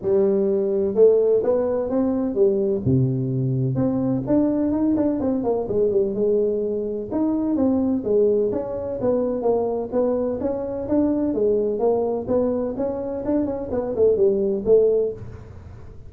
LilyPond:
\new Staff \with { instrumentName = "tuba" } { \time 4/4 \tempo 4 = 127 g2 a4 b4 | c'4 g4 c2 | c'4 d'4 dis'8 d'8 c'8 ais8 | gis8 g8 gis2 dis'4 |
c'4 gis4 cis'4 b4 | ais4 b4 cis'4 d'4 | gis4 ais4 b4 cis'4 | d'8 cis'8 b8 a8 g4 a4 | }